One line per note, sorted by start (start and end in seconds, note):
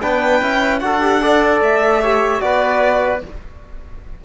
0.00 0.42 B3
0.00 0.42 D4
0.00 0.83 B4
0.00 0.79 G5
0.42 0.82 C#4
0.42 0.81 E4
0.79 1.61 D4
0.79 1.01 F#4
0.79 1.22 A4
0.79 1.59 F#5
1.01 1.21 G4
1.21 2.01 A4
1.21 2.02 D5
1.61 2.41 A3
1.61 2.41 E5
2.02 2.41 G4
2.02 2.42 C#5
2.41 3.22 B3
2.41 3.21 F#4
2.41 3.25 B4
2.41 3.21 D5